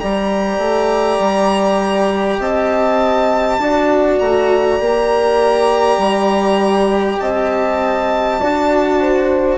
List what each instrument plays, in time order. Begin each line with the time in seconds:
0.00 bassoon G3, cello G4, horn D5, violin A#5
0.58 bassoon A3
1.19 bassoon G3
2.39 bassoon C4, horn D#5, violin A5
3.59 bassoon D4, cello F#4, horn D5
4.20 bassoon A3, violin A#5
4.80 bassoon A#3, cello G4
5.98 bassoon G3
7.20 bassoon C4, horn D#5, violin A5
8.40 bassoon D4, cello F#4, horn D5
9.01 horn C5